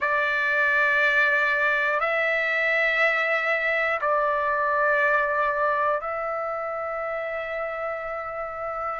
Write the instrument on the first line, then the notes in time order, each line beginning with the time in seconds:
trumpet
0.00 D5
2.00 E5
4.01 D5
6.00 E5